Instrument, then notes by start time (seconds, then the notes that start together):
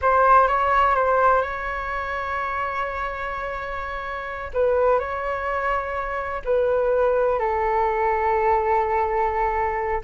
flute
0.01 C5
0.47 C#5
0.95 C5
1.41 C#5
4.53 B4
4.99 C#5
6.44 B4
7.39 A4